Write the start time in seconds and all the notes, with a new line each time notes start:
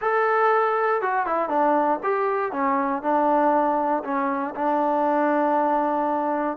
0.01 A4
1.01 F#4
1.26 E4
1.49 D4
2.03 G4
2.52 C#4
3.02 D4
4.03 C#4
4.55 D4